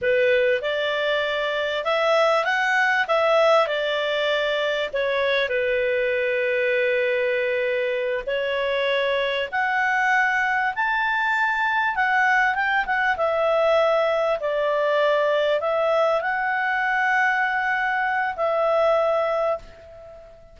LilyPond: \new Staff \with { instrumentName = "clarinet" } { \time 4/4 \tempo 4 = 98 b'4 d''2 e''4 | fis''4 e''4 d''2 | cis''4 b'2.~ | b'4. cis''2 fis''8~ |
fis''4. a''2 fis''8~ | fis''8 g''8 fis''8 e''2 d''8~ | d''4. e''4 fis''4.~ | fis''2 e''2 | }